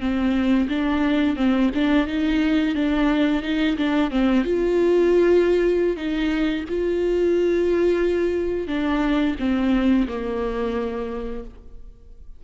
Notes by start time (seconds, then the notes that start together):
0.00 C4
0.69 D4
1.36 C4
1.74 D4
2.07 D#4
2.75 D4
3.42 D#4
3.77 D4
4.10 C4
4.44 F4
5.96 D#4
6.68 F4
8.67 D4
9.39 C4
10.08 A#3